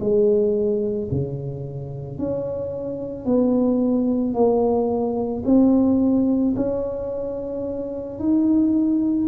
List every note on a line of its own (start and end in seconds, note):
0.00 1.09 G#3
1.12 2.19 C#3
2.19 3.25 C#4
3.25 4.34 B3
4.34 5.43 A#3
5.45 6.55 C4
6.57 8.20 C#4
8.20 9.28 D#4